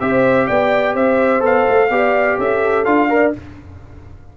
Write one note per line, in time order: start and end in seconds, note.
0.00 0.49 C4
0.00 1.40 G4
0.00 0.47 C5
0.00 0.48 E5
0.47 0.95 B3
0.47 0.95 D5
0.47 0.95 G5
0.95 1.42 C4
0.95 1.90 C5
0.95 1.44 E5
1.40 1.65 B3
1.40 1.88 A4
1.40 2.40 F5
1.69 1.90 A3
1.90 2.38 B3
1.90 2.86 G4
1.90 2.39 D5
2.38 2.86 C#4
2.38 3.10 A4
2.38 2.85 E5
2.85 3.34 D4
2.85 3.10 F4
2.85 3.33 F5
3.10 3.33 A#4
3.10 3.37 D5